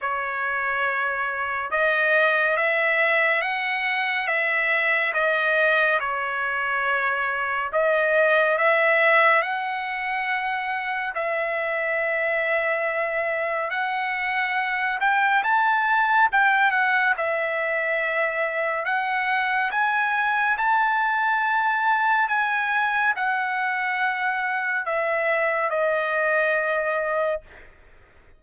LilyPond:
\new Staff \with { instrumentName = "trumpet" } { \time 4/4 \tempo 4 = 70 cis''2 dis''4 e''4 | fis''4 e''4 dis''4 cis''4~ | cis''4 dis''4 e''4 fis''4~ | fis''4 e''2. |
fis''4. g''8 a''4 g''8 fis''8 | e''2 fis''4 gis''4 | a''2 gis''4 fis''4~ | fis''4 e''4 dis''2 | }